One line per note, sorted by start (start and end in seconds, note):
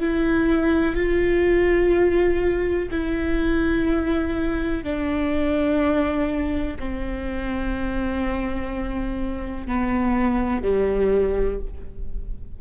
0.00 0.96 E4
0.96 2.89 F4
2.91 4.84 E4
4.84 6.77 D4
6.79 9.67 C4
9.67 10.62 B3
10.62 11.59 G3